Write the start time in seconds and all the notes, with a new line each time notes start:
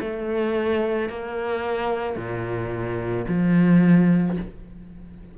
0.00 A3
1.09 A#3
2.16 A#2
3.27 F3